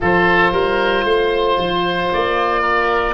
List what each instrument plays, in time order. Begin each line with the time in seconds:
0.00 tuba F3, horn F4, oboe A4 C5
0.52 tuba G3, oboe A#4
1.04 tuba A3, oboe C5
1.57 tuba F3
2.12 tuba A#3, oboe D5
2.61 oboe A#4